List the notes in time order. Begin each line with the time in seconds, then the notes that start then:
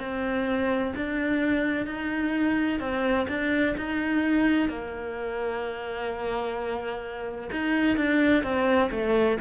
0.00 C4
0.96 D4
1.87 D#4
2.80 C4
3.29 D4
3.78 D#4
4.69 A#3
7.52 D#4
7.97 D4
8.43 C4
8.91 A3